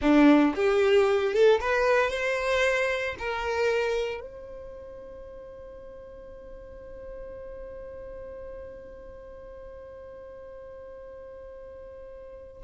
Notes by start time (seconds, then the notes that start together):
0.01 D4
0.55 G4
1.33 A4
1.60 B4
2.10 C5
3.18 A#4
4.21 C5